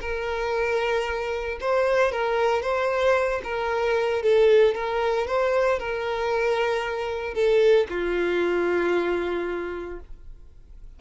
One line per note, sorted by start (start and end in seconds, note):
0.00 1.58 A#4
1.60 2.11 C5
2.11 2.62 A#4
2.62 3.41 C5
3.43 4.22 A#4
4.22 4.74 A4
4.74 5.26 A#4
5.26 5.78 C5
5.78 7.34 A#4
7.34 7.86 A4
7.89 10.00 F4